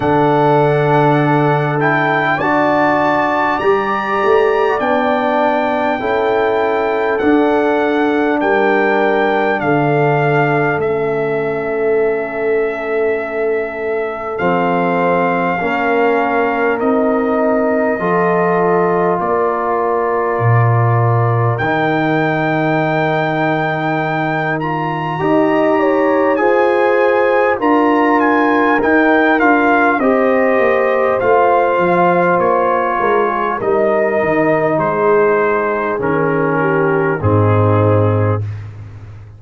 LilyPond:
<<
  \new Staff \with { instrumentName = "trumpet" } { \time 4/4 \tempo 4 = 50 fis''4. g''8 a''4 ais''4 | g''2 fis''4 g''4 | f''4 e''2. | f''2 dis''2 |
d''2 g''2~ | g''8 ais''4. gis''4 ais''8 gis''8 | g''8 f''8 dis''4 f''4 cis''4 | dis''4 c''4 ais'4 gis'4 | }
  \new Staff \with { instrumentName = "horn" } { \time 4/4 a'2 d''2~ | d''4 a'2 ais'4 | a'1~ | a'4 ais'2 a'4 |
ais'1~ | ais'4 dis''8 cis''8 c''4 ais'4~ | ais'4 c''2~ c''8 ais'16 gis'16 | ais'4 gis'4. g'8 dis'4 | }
  \new Staff \with { instrumentName = "trombone" } { \time 4/4 d'4. e'8 fis'4 g'4 | d'4 e'4 d'2~ | d'4 cis'2. | c'4 cis'4 dis'4 f'4~ |
f'2 dis'2~ | dis'8 f'8 g'4 gis'4 f'4 | dis'8 f'8 g'4 f'2 | dis'2 cis'4 c'4 | }
  \new Staff \with { instrumentName = "tuba" } { \time 4/4 d2 d'4 g8 a8 | b4 cis'4 d'4 g4 | d4 a2. | f4 ais4 c'4 f4 |
ais4 ais,4 dis2~ | dis4 dis'4 f'4 d'4 | dis'8 d'8 c'8 ais8 a8 f8 ais8 gis8 | g8 dis8 gis4 dis4 gis,4 | }
>>